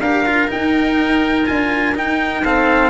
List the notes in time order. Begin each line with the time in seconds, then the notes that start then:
0.00 D4 G4 A#4 F5
0.25 F4
0.48 D#4 G5
1.46 D4 F4 G#5
1.95 D#4 G5
2.44 C4 A4 F5